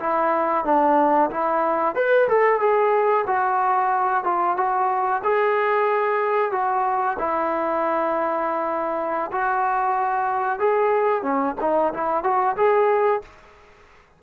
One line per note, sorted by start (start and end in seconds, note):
0.00 0.65 E4
0.65 1.30 D4
1.31 1.95 E4
1.95 2.28 B4
2.29 2.60 A4
2.60 3.25 G#4
3.27 4.24 F#4
4.24 4.57 F4
4.57 5.22 F#4
5.24 6.52 G#4
6.52 7.17 F#4
7.19 9.31 E4
9.32 10.59 F#4
10.59 11.23 G#4
11.23 11.55 C#4
11.61 11.93 D#4
11.94 12.24 E4
12.24 12.56 F#4
12.57 13.22 G#4